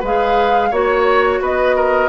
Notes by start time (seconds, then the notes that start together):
0.00 G#3 G#4 B4 F5
0.71 A#3 F#4 C#5
1.41 B3 B4 D#5
1.76 A#4